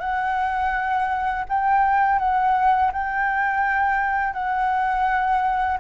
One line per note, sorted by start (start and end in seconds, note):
0.00 1.45 F#5
1.49 2.19 G5
2.19 2.91 F#5
2.92 4.33 G5
4.33 5.78 F#5